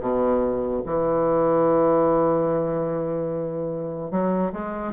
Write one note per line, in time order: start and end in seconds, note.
0.00 0.82 B2
0.86 4.11 E3
4.11 4.52 F#3
4.53 4.93 G#3